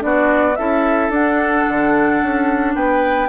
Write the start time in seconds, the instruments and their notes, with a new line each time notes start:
0.00 bassoon B3, clarinet D4, oboe F#4, flute D5
0.56 bassoon C#4, clarinet E4, oboe A4, flute E5
1.10 bassoon D4, clarinet D4, flute F#5
1.69 bassoon D3
2.23 bassoon C#4
2.75 bassoon B3, oboe B4, flute G5